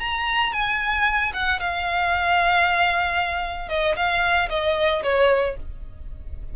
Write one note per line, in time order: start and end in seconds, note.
0.00 0.53 A#5
0.53 1.33 G#5
1.33 1.60 F#5
1.60 3.69 F5
3.69 3.96 D#5
3.96 4.49 F5
4.50 5.03 D#5
5.03 5.57 C#5